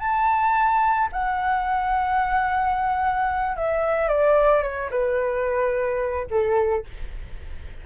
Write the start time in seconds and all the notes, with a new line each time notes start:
0.00 A5
1.13 F#5
3.57 E5
4.09 D5
4.63 C#5
4.91 B4
6.30 A4